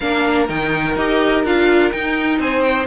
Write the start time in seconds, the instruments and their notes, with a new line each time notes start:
0.00 cello A#3, viola D4, violin A#4 F5
0.48 cello D#3, viola D#4, violin G5
0.96 cello D#4, viola G4, violin D#5
1.44 cello D4, viola F4, violin F5
1.91 viola D#4, cello D#4, violin G5
2.38 cello C4, violin C5 G#5
2.62 violin G5